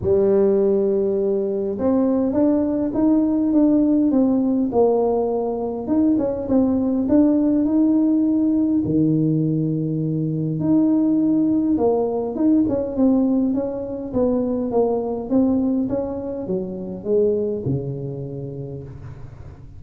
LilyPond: \new Staff \with { instrumentName = "tuba" } { \time 4/4 \tempo 4 = 102 g2. c'4 | d'4 dis'4 d'4 c'4 | ais2 dis'8 cis'8 c'4 | d'4 dis'2 dis4~ |
dis2 dis'2 | ais4 dis'8 cis'8 c'4 cis'4 | b4 ais4 c'4 cis'4 | fis4 gis4 cis2 | }